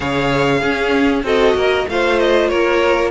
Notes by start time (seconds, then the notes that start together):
0.00 C#3 G#4 C#5 F5
0.60 C#4 G#4
1.23 C4 F#4 A4 D#5
1.54 A#3 A#4
1.88 A3 F4 C5 F5
2.19 D#5
2.48 A#3 A#4 C#5